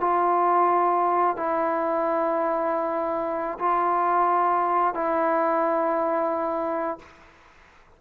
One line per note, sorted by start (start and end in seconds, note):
0.00 1.36 F4
1.36 3.58 E4
3.59 4.94 F4
4.94 6.98 E4